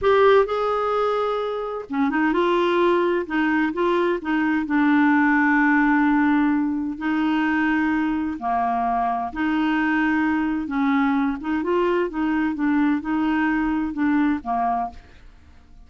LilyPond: \new Staff \with { instrumentName = "clarinet" } { \time 4/4 \tempo 4 = 129 g'4 gis'2. | cis'8 dis'8 f'2 dis'4 | f'4 dis'4 d'2~ | d'2. dis'4~ |
dis'2 ais2 | dis'2. cis'4~ | cis'8 dis'8 f'4 dis'4 d'4 | dis'2 d'4 ais4 | }